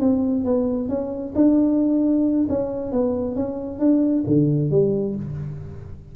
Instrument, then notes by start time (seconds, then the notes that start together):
tuba
0.00 C4
0.45 B3
0.89 C#4
1.35 D4
2.49 C#4
2.92 B3
3.35 C#4
3.79 D4
4.27 D3
4.71 G3